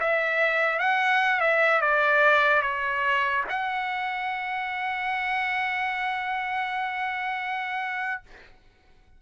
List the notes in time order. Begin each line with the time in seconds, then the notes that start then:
0.00 E5
0.79 F#5
1.40 E5
1.81 D5
2.62 C#5
3.49 F#5